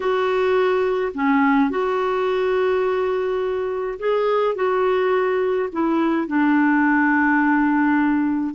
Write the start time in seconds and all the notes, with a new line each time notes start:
0.00 F#4
1.14 C#4
1.70 F#4
3.99 G#4
4.55 F#4
5.72 E4
6.27 D4